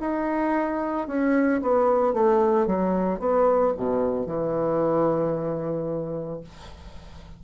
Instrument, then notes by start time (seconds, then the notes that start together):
bassoon
0.00 D#4
1.07 C#4
1.62 B3
2.13 A3
2.66 F#3
3.19 B3
3.77 B2
4.26 E3